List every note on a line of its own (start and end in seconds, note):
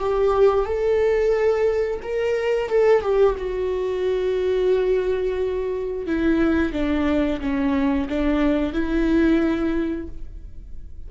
0.00 0.66 G4
0.66 2.01 A4
2.03 2.70 A#4
2.70 3.02 A4
3.02 3.36 G4
3.38 6.07 F#4
6.07 6.73 E4
6.73 7.41 D4
7.41 8.09 C#4
8.10 8.74 D4
8.74 10.08 E4